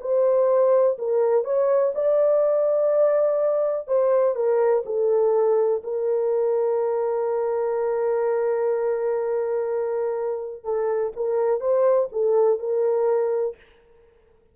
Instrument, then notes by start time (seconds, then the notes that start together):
horn
0.00 C5
0.98 A#4
1.44 C#5
1.94 D5
3.87 C5
4.35 A#4
4.85 A4
5.83 A#4
10.64 A4
11.16 A#4
11.60 C5
12.11 A4
12.59 A#4